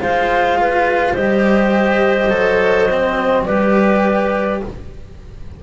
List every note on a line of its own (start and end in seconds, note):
0.00 1.15 G#3
0.00 1.17 F4
0.00 0.58 C5
0.00 1.16 F5
0.61 1.13 B4
1.13 2.31 G3
1.13 2.30 G4
1.13 3.44 C5
1.13 3.45 D#5
2.30 3.47 F#3
2.30 2.88 A4
2.91 3.48 C4
3.45 4.63 G3
3.45 4.63 G4
3.45 4.61 B4
3.45 4.60 D5